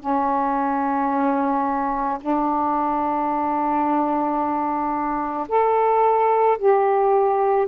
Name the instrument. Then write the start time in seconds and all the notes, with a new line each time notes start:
saxophone
0.00 C#4
2.21 D4
5.48 A4
6.58 G4